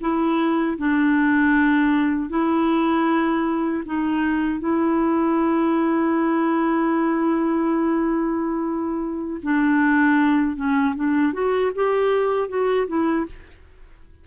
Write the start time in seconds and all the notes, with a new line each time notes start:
0.00 E4
0.78 D4
2.29 E4
3.85 D#4
4.59 E4
9.42 D4
10.56 C#4
10.95 D4
11.33 F#4
11.75 G4
12.48 F#4
12.87 E4